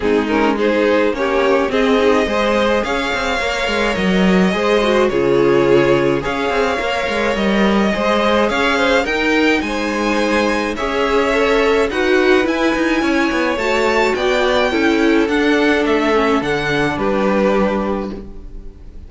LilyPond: <<
  \new Staff \with { instrumentName = "violin" } { \time 4/4 \tempo 4 = 106 gis'8 ais'8 c''4 cis''4 dis''4~ | dis''4 f''2 dis''4~ | dis''4 cis''2 f''4~ | f''4 dis''2 f''4 |
g''4 gis''2 e''4~ | e''4 fis''4 gis''2 | a''4 g''2 fis''4 | e''4 fis''4 b'2 | }
  \new Staff \with { instrumentName = "violin" } { \time 4/4 dis'4 gis'4 g'4 gis'4 | c''4 cis''2. | c''4 gis'2 cis''4~ | cis''2 c''4 cis''8 c''8 |
ais'4 c''2 cis''4~ | cis''4 b'2 cis''4~ | cis''4 d''4 a'2~ | a'2 g'2 | }
  \new Staff \with { instrumentName = "viola" } { \time 4/4 c'8 cis'8 dis'4 cis'4 c'8 dis'8 | gis'2 ais'2 | gis'8 fis'8 f'2 gis'4 | ais'2 gis'2 |
dis'2. gis'4 | a'4 fis'4 e'2 | fis'2 e'4 d'4~ | d'8 cis'8 d'2. | }
  \new Staff \with { instrumentName = "cello" } { \time 4/4 gis2 ais4 c'4 | gis4 cis'8 c'8 ais8 gis8 fis4 | gis4 cis2 cis'8 c'8 | ais8 gis8 g4 gis4 cis'4 |
dis'4 gis2 cis'4~ | cis'4 dis'4 e'8 dis'8 cis'8 b8 | a4 b4 cis'4 d'4 | a4 d4 g2 | }
>>